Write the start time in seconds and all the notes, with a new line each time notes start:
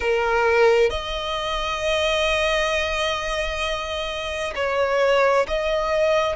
0.00 A#4
0.90 D#5
4.55 C#5
5.47 D#5